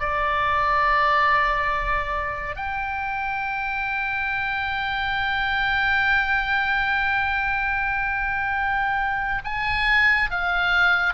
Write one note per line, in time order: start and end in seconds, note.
0.00 2.56 D5
2.56 9.42 G5
9.45 10.31 G#5
10.31 11.14 F5